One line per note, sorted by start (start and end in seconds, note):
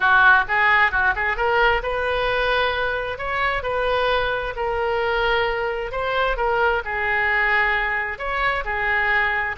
0.00 0.44 F#4
0.48 0.91 G#4
0.91 1.14 F#4
1.15 1.36 G#4
1.36 1.82 A#4
1.82 3.18 B4
3.18 3.63 C#5
3.63 4.54 B4
4.56 5.91 A#4
5.91 6.36 C5
6.36 6.82 A#4
6.85 8.18 G#4
8.18 8.64 C#5
8.65 9.56 G#4